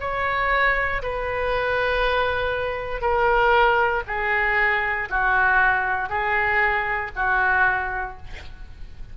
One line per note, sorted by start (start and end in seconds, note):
0.00 1.02 C#5
1.03 3.01 B4
3.01 4.03 A#4
4.07 5.09 G#4
5.09 6.09 F#4
6.09 7.11 G#4
7.16 8.17 F#4